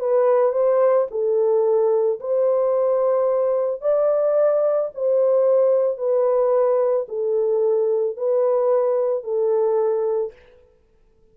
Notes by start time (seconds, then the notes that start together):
0.00 B4
0.53 C5
1.11 A4
2.20 C5
3.82 D5
4.95 C5
5.98 B4
7.09 A4
8.17 B4
9.24 A4